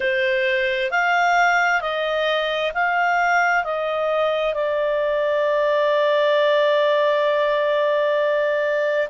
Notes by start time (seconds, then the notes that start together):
0.00 C5
0.90 F5
1.81 D#5
2.74 F5
3.64 D#5
4.53 D5